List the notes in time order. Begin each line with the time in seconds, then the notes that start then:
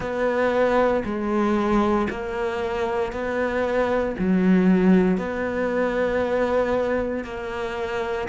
0.00 B3
1.04 G#3
2.10 A#3
3.12 B3
4.18 F#3
5.17 B3
7.24 A#3